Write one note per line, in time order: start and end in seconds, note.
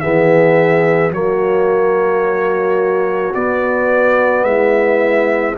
0.00 1.11 E3
0.00 1.12 B3
0.00 1.13 G#4
0.00 1.11 E5
1.11 3.33 F#3
1.11 3.34 A#3
1.11 4.46 F#4
1.11 3.34 C#5
3.34 5.56 B3
3.34 4.43 B3
3.34 4.44 D5
4.43 5.54 G#3
4.43 5.57 E4
4.43 5.55 E5